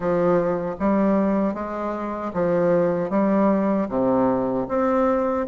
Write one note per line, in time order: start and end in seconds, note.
0.00 0.75 F3
0.79 1.54 G3
1.54 2.32 G#3
2.33 3.10 F3
3.10 3.87 G3
3.88 4.66 C3
4.68 5.46 C4